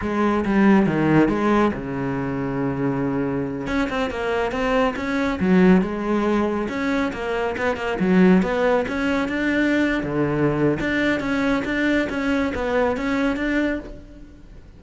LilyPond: \new Staff \with { instrumentName = "cello" } { \time 4/4 \tempo 4 = 139 gis4 g4 dis4 gis4 | cis1~ | cis8 cis'8 c'8 ais4 c'4 cis'8~ | cis'8 fis4 gis2 cis'8~ |
cis'8 ais4 b8 ais8 fis4 b8~ | b8 cis'4 d'4.~ d'16 d8.~ | d4 d'4 cis'4 d'4 | cis'4 b4 cis'4 d'4 | }